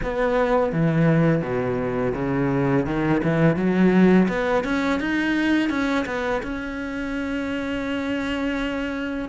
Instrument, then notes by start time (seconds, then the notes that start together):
cello
0.02 B3
0.72 E3
1.42 B2
2.14 C#3
2.85 D#3
3.23 E3
3.56 F#3
4.28 B3
4.64 C#4
5.00 D#4
5.69 C#4
6.05 B3
6.43 C#4